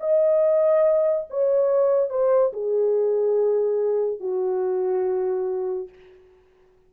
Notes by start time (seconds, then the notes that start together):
0.00 D#5
1.30 C#5
2.09 C5
2.52 G#4
4.19 F#4